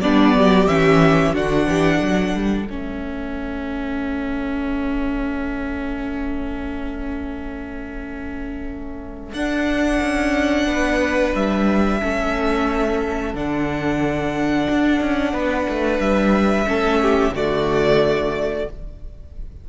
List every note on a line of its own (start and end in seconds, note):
0.00 0.34 G3
0.00 0.68 B3
0.00 0.35 D4
0.00 0.67 D5
0.34 0.67 F#3
0.34 1.33 G4
0.67 1.33 E3
0.67 1.34 C#4
0.67 1.33 E5
1.33 1.67 D3
1.33 2.67 D4
1.33 1.67 F#4
1.33 2.68 F#5
1.67 2.00 E3
1.67 1.97 G4
1.97 2.34 F#3
1.97 10.64 A4
2.34 2.66 G3
2.66 9.33 A3
2.66 9.36 C#4
2.66 9.33 E5
9.33 10.00 D4
9.33 12.02 D4
9.33 11.33 F#5
10.02 10.67 C#4
10.67 11.33 B3
10.67 12.00 B4
11.34 12.01 G3
11.34 13.35 E5
12.00 13.34 A3
12.00 13.34 C#4
12.00 15.33 A4
13.34 14.67 D3
13.34 16.66 D4
13.34 16.00 F#5
14.69 15.00 D4
15.00 15.33 C#4
15.33 15.66 B3
15.33 16.66 B4
15.69 15.99 A3
15.99 16.65 G3
15.99 17.33 E5
16.66 17.30 A3
16.66 17.33 C#4
16.66 17.02 A4
17.02 17.34 G4
17.30 18.63 D3
17.30 18.68 A3
17.30 18.68 F#4
17.30 18.69 D5